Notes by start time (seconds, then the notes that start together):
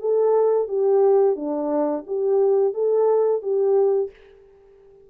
0.00 A4
0.68 G4
1.36 D4
2.07 G4
2.74 A4
3.42 G4